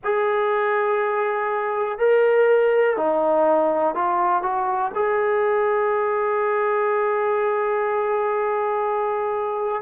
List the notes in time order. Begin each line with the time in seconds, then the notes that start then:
0.04 G#4
1.98 A#4
2.96 D#4
3.94 F4
4.42 F#4
4.94 G#4